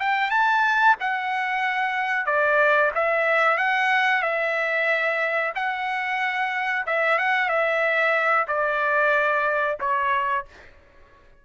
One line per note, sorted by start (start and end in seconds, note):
0.00 0.31 G5
0.31 0.96 A5
1.00 2.26 F#5
2.26 2.91 D5
2.95 3.58 E5
3.58 4.23 F#5
4.23 5.53 E5
5.56 6.86 F#5
6.87 7.19 E5
7.19 7.49 F#5
7.49 8.47 E5
8.48 9.78 D5
9.81 10.46 C#5